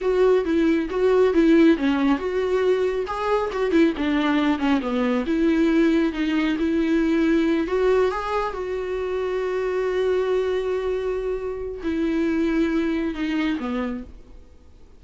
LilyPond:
\new Staff \with { instrumentName = "viola" } { \time 4/4 \tempo 4 = 137 fis'4 e'4 fis'4 e'4 | cis'4 fis'2 gis'4 | fis'8 e'8 d'4. cis'8 b4 | e'2 dis'4 e'4~ |
e'4. fis'4 gis'4 fis'8~ | fis'1~ | fis'2. e'4~ | e'2 dis'4 b4 | }